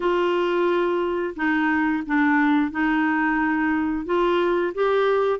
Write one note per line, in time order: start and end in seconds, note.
0.00 1.34 F4
1.36 2.03 D#4
2.06 2.71 D4
2.71 4.05 D#4
4.05 4.73 F4
4.74 5.39 G4